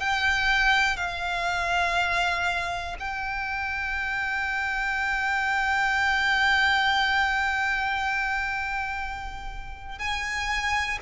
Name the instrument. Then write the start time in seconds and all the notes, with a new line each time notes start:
violin
0.00 G5
0.97 F5
3.00 G5
9.99 G#5